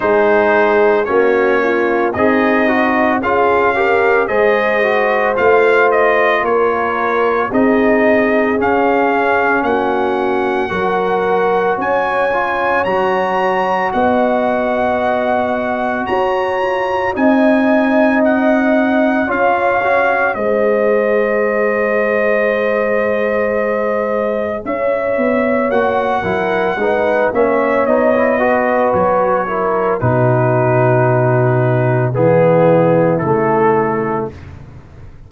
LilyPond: <<
  \new Staff \with { instrumentName = "trumpet" } { \time 4/4 \tempo 4 = 56 c''4 cis''4 dis''4 f''4 | dis''4 f''8 dis''8 cis''4 dis''4 | f''4 fis''2 gis''4 | ais''4 fis''2 ais''4 |
gis''4 fis''4 f''4 dis''4~ | dis''2. e''4 | fis''4. e''8 dis''4 cis''4 | b'2 gis'4 a'4 | }
  \new Staff \with { instrumentName = "horn" } { \time 4/4 gis'4 fis'8 f'8 dis'4 gis'8 ais'8 | c''2 ais'4 gis'4~ | gis'4 fis'4 ais'4 cis''4~ | cis''4 dis''2 cis''4 |
dis''2 cis''4 c''4~ | c''2. cis''4~ | cis''8 ais'8 b'8 cis''4 b'4 ais'8 | fis'2 e'2 | }
  \new Staff \with { instrumentName = "trombone" } { \time 4/4 dis'4 cis'4 gis'8 fis'8 f'8 g'8 | gis'8 fis'8 f'2 dis'4 | cis'2 fis'4. f'8 | fis'2.~ fis'8 f'8 |
dis'2 f'8 fis'8 gis'4~ | gis'1 | fis'8 e'8 dis'8 cis'8 dis'16 e'16 fis'4 e'8 | dis'2 b4 a4 | }
  \new Staff \with { instrumentName = "tuba" } { \time 4/4 gis4 ais4 c'4 cis'4 | gis4 a4 ais4 c'4 | cis'4 ais4 fis4 cis'4 | fis4 b2 fis'4 |
c'2 cis'4 gis4~ | gis2. cis'8 b8 | ais8 fis8 gis8 ais8 b4 fis4 | b,2 e4 cis4 | }
>>